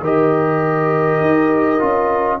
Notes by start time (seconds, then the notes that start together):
0.00 D#3 G4 A#4 D#5
1.20 D#4
1.79 C#4 F4